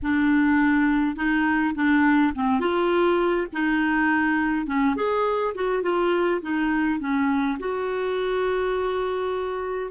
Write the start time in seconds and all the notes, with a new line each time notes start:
0.02 D4
1.16 D#4
1.74 D4
2.34 C4
2.59 F4
3.52 D#4
4.66 C#4
4.95 G#4
5.54 F#4
5.82 F4
6.41 D#4
6.99 C#4
7.59 F#4